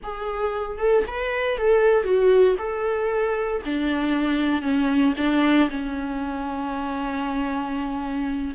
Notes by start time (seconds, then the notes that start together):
0.03 G#4
0.78 A4
1.07 B4
1.57 A4
2.03 F#4
2.58 A4
3.65 D4
4.62 C#4
5.17 D4
5.70 C#4